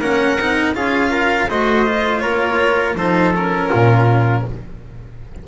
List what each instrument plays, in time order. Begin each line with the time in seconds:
0.00 double bass A#3, cello C#4, trumpet A#4, violin F#5
0.37 double bass C4, cello D#4
0.75 double bass C#4, cello F4, trumpet G#4, violin F5
1.11 trumpet A#4
1.50 double bass A3, cello F#4, trumpet C5, violin D#5
1.86 cello F4
2.20 double bass A#3, trumpet A#4, violin C#5
2.96 double bass F3, cello D#4, trumpet A4, violin C5
3.34 cello C#4, violin A#4
3.70 double bass A#2, trumpet F4